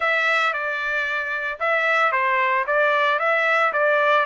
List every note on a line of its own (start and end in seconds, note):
0.00 0.53 E5
0.53 1.59 D5
1.59 2.11 E5
2.11 2.65 C5
2.66 3.19 D5
3.19 3.72 E5
3.72 4.25 D5